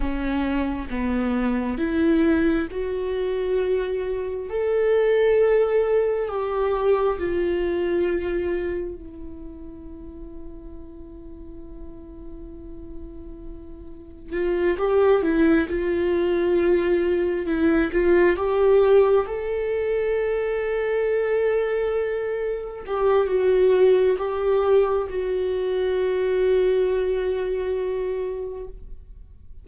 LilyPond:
\new Staff \with { instrumentName = "viola" } { \time 4/4 \tempo 4 = 67 cis'4 b4 e'4 fis'4~ | fis'4 a'2 g'4 | f'2 e'2~ | e'1 |
f'8 g'8 e'8 f'2 e'8 | f'8 g'4 a'2~ a'8~ | a'4. g'8 fis'4 g'4 | fis'1 | }